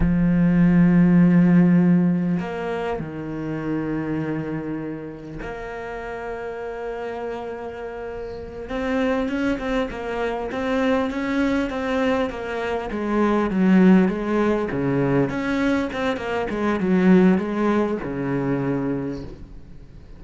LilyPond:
\new Staff \with { instrumentName = "cello" } { \time 4/4 \tempo 4 = 100 f1 | ais4 dis2.~ | dis4 ais2.~ | ais2~ ais8 c'4 cis'8 |
c'8 ais4 c'4 cis'4 c'8~ | c'8 ais4 gis4 fis4 gis8~ | gis8 cis4 cis'4 c'8 ais8 gis8 | fis4 gis4 cis2 | }